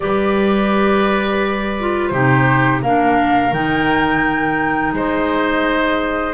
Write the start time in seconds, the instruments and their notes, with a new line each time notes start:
0.00 double bass G3, clarinet G4, oboe B4, flute D5
1.79 clarinet F4
2.08 double bass C3, clarinet D#4, oboe G4, flute C5
2.81 double bass A#3, clarinet D4, oboe A#4, flute F5
3.52 double bass D#3, clarinet D#4, flute G5
4.92 double bass G#3, oboe C5, flute D#5